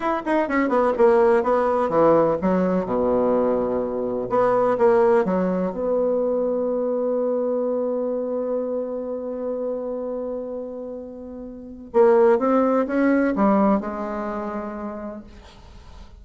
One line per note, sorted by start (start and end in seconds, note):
0.00 0.22 E4
0.25 0.48 D#4
0.48 0.68 C#4
0.68 0.92 B3
0.97 1.43 A#3
1.43 1.89 B3
1.89 2.36 E3
2.41 2.85 F#3
2.85 4.28 B2
4.29 4.77 B3
4.78 5.24 A#3
5.24 5.71 F#3
5.71 11.90 B3
11.93 12.38 A#3
12.38 12.86 C4
12.86 13.34 C#4
13.35 13.80 G3
13.80 15.23 G#3